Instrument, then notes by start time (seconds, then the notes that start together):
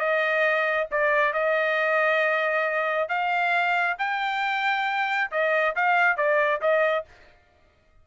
trumpet
0.00 D#5
0.92 D5
1.34 D#5
3.09 F5
3.99 G5
5.32 D#5
5.76 F5
6.17 D5
6.62 D#5